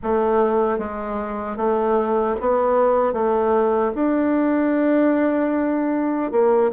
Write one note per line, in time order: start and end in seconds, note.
0.02 0.78 A3
0.78 1.56 G#3
1.56 2.35 A3
2.40 3.13 B3
3.13 3.92 A3
3.94 6.31 D4
6.31 6.71 A#3